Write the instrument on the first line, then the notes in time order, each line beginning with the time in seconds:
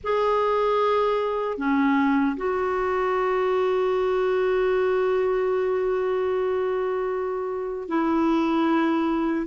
clarinet
0.03 G#4
1.57 C#4
2.36 F#4
7.88 E4